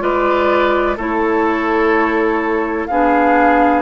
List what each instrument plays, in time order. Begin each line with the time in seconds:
0.00 bassoon G#3, clarinet F4, oboe B4, flute D5
0.97 bassoon A3, clarinet E4, oboe A4, flute C#5
2.87 bassoon B3, clarinet D4, oboe G#4, flute F5